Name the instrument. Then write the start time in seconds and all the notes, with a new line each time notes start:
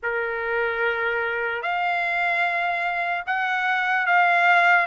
trumpet
0.02 A#4
1.62 F5
3.26 F#5
4.06 F5